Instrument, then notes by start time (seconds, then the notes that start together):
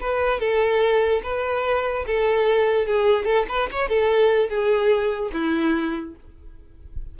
violin
0.00 B4
0.40 A4
1.23 B4
2.06 A4
2.86 G#4
3.25 A4
3.48 B4
3.71 C#5
3.89 A4
4.49 G#4
5.33 E4